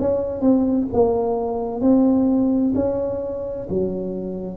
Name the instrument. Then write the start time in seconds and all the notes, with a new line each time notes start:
tuba
0.00 C#4
0.41 C4
0.94 A#3
1.81 C4
2.76 C#4
3.70 F#3